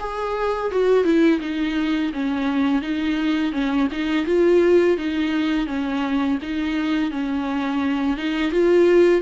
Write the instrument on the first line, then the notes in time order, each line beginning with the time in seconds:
viola
0.00 G#4
0.71 F#4
1.04 E4
1.40 D#4
2.13 C#4
2.82 D#4
3.52 C#4
3.92 D#4
4.26 F4
4.97 D#4
5.67 C#4
6.42 D#4
7.11 C#4
8.17 D#4
8.51 F4